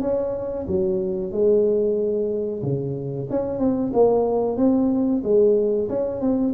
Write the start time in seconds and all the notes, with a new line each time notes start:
0.00 C#4
0.67 F#3
1.31 G#3
2.62 C#3
3.30 C#4
3.58 C4
3.93 A#3
4.57 C4
5.23 G#3
5.89 C#4
6.20 C4